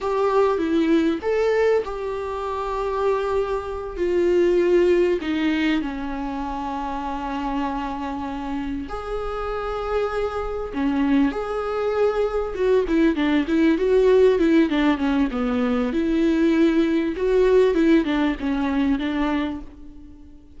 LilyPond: \new Staff \with { instrumentName = "viola" } { \time 4/4 \tempo 4 = 98 g'4 e'4 a'4 g'4~ | g'2~ g'8 f'4.~ | f'8 dis'4 cis'2~ cis'8~ | cis'2~ cis'8 gis'4.~ |
gis'4. cis'4 gis'4.~ | gis'8 fis'8 e'8 d'8 e'8 fis'4 e'8 | d'8 cis'8 b4 e'2 | fis'4 e'8 d'8 cis'4 d'4 | }